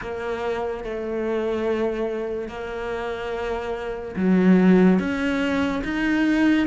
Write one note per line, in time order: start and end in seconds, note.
0.01 0.83 A#3
0.83 2.48 A3
2.48 4.15 A#3
4.16 4.98 F#3
4.98 5.82 C#4
5.83 6.67 D#4